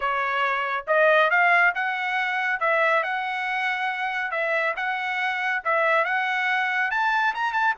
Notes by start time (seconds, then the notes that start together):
0.00 C#5
0.87 D#5
1.30 F5
1.74 F#5
2.59 E5
3.03 F#5
4.31 E5
4.76 F#5
5.64 E5
6.05 F#5
6.90 A5
7.34 A#5
7.52 A5